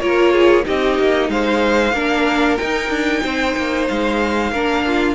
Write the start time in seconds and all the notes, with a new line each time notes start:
0.00 A#3 F4 A#4 C#5
0.33 G#4
0.63 C4 D#4 G4 D#5
0.99 A#3
1.29 G#3 C5 F5
1.93 A#3 D4 A#4
2.57 D#4 G5
2.89 D4
3.23 C4 C5
3.57 A#3
3.88 G#3 F5
4.52 A#3 D4 A#4
4.87 F4